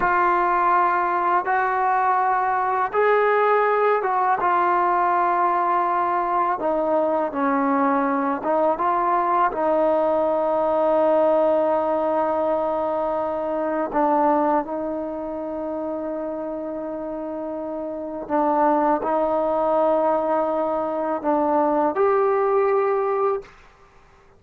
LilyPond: \new Staff \with { instrumentName = "trombone" } { \time 4/4 \tempo 4 = 82 f'2 fis'2 | gis'4. fis'8 f'2~ | f'4 dis'4 cis'4. dis'8 | f'4 dis'2.~ |
dis'2. d'4 | dis'1~ | dis'4 d'4 dis'2~ | dis'4 d'4 g'2 | }